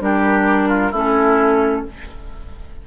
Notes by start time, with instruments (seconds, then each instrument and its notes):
0.00 bassoon G3, clarinet D4, oboe G4, flute A#4
0.69 oboe F4
0.91 bassoon A3, clarinet C#4, oboe E4, flute A4